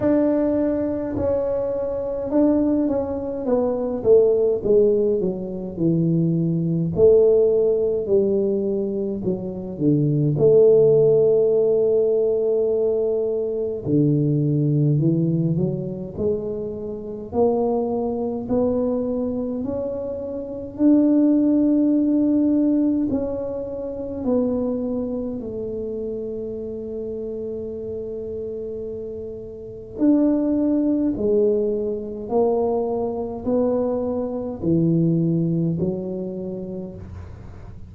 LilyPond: \new Staff \with { instrumentName = "tuba" } { \time 4/4 \tempo 4 = 52 d'4 cis'4 d'8 cis'8 b8 a8 | gis8 fis8 e4 a4 g4 | fis8 d8 a2. | d4 e8 fis8 gis4 ais4 |
b4 cis'4 d'2 | cis'4 b4 a2~ | a2 d'4 gis4 | ais4 b4 e4 fis4 | }